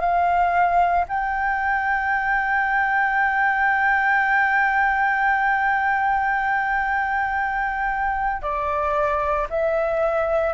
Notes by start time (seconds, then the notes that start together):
0.00 F5
1.08 G5
8.42 D5
9.50 E5